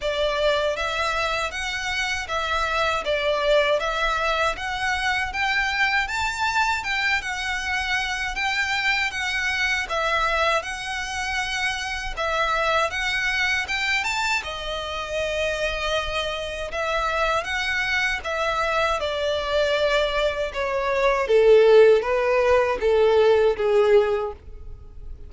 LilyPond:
\new Staff \with { instrumentName = "violin" } { \time 4/4 \tempo 4 = 79 d''4 e''4 fis''4 e''4 | d''4 e''4 fis''4 g''4 | a''4 g''8 fis''4. g''4 | fis''4 e''4 fis''2 |
e''4 fis''4 g''8 a''8 dis''4~ | dis''2 e''4 fis''4 | e''4 d''2 cis''4 | a'4 b'4 a'4 gis'4 | }